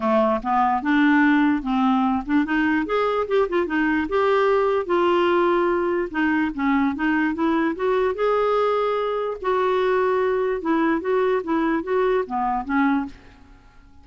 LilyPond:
\new Staff \with { instrumentName = "clarinet" } { \time 4/4 \tempo 4 = 147 a4 b4 d'2 | c'4. d'8 dis'4 gis'4 | g'8 f'8 dis'4 g'2 | f'2. dis'4 |
cis'4 dis'4 e'4 fis'4 | gis'2. fis'4~ | fis'2 e'4 fis'4 | e'4 fis'4 b4 cis'4 | }